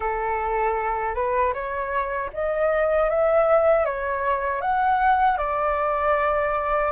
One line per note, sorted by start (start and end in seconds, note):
0.00 1.14 A4
1.14 1.53 B4
1.53 2.30 C#5
2.33 3.09 D#5
3.09 3.85 E5
3.85 4.61 C#5
4.61 5.37 F#5
5.37 6.91 D5